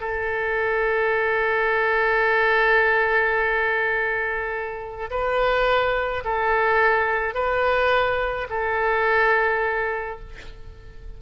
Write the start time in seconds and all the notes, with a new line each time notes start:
0.00 A4
5.10 B4
6.24 A4
7.34 B4
8.50 A4